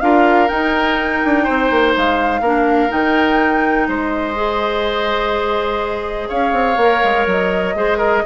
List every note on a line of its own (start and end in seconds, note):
0.00 0.50 D4
0.00 0.48 F4
0.00 1.44 A#4
0.00 0.48 F5
0.48 2.42 D#4
0.48 1.23 D#4
0.48 1.93 G5
1.24 1.49 D4
1.44 1.70 C4
1.44 2.41 C5
1.70 1.95 A#3
1.97 2.40 G#3
1.97 2.92 F5
2.40 2.89 A#3
2.40 2.89 D4
2.40 3.87 A#4
2.89 3.88 D#3
2.89 4.34 D#4
2.89 3.88 G5
3.88 6.30 G#3
3.88 6.29 C5
3.88 6.29 D#5
4.35 6.77 G#4
6.29 6.53 C#4
6.29 7.74 C#5
6.29 7.26 F5
6.53 6.76 C4
6.76 7.01 A#3
6.76 7.76 A#4
7.04 7.26 G#3
7.26 7.75 F#3
7.26 8.25 D#5
7.75 8.23 G#3
7.75 8.24 G#4
7.75 7.98 C5
7.98 8.22 A#4